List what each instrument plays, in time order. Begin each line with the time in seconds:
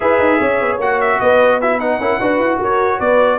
0.00 tuba E4, trombone G#4, horn B4, trumpet E5
0.18 tuba D#4
0.40 tuba C#4, horn C#5
0.60 tuba B3
0.78 tuba A#3, trombone F#4, trumpet F#5
1.01 trumpet E5
1.20 tuba B3, horn B4, trumpet D#5
1.61 trombone E4, horn F#4, trumpet E5
1.77 trombone D#4, horn B4, trumpet F#5
1.99 tuba C#4, trombone E4, horn A#4
2.20 tuba D4, trombone F#4, horn B4
2.38 tuba E4
2.59 tuba F#4, horn A#4, trumpet C#5
2.99 tuba B3, horn B4, trumpet D5